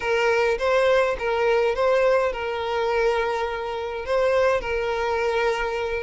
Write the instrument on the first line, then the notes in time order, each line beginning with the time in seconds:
violin
0.00 A#4
0.58 C5
1.19 A#4
1.75 C5
2.32 A#4
4.05 C5
4.60 A#4